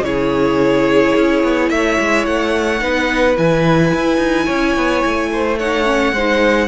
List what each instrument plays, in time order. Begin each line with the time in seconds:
0.00 cello C#3, viola E4, violin G#4 C#5
1.16 cello C#4
1.43 cello B3
1.69 cello A3, violin C#5 E5
1.99 cello G#3
2.25 cello A3, violin F#5
2.79 cello B3, viola D#4, violin B4
3.36 cello E3, viola E4, violin G#5
3.93 cello E4
4.17 cello D#4
4.45 cello C#4, violin C#5
4.76 cello B3
5.05 cello A3
5.32 violin C5
5.58 viola D#4, violin C#5 F#5
5.85 viola C#4
6.12 cello G#3, viola D#4, violin C5